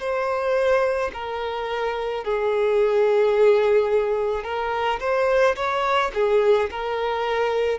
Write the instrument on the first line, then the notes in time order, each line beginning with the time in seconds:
violin
0.00 C5
1.14 A#4
2.24 G#4
4.44 A#4
5.00 C5
5.56 C#5
6.15 G#4
6.71 A#4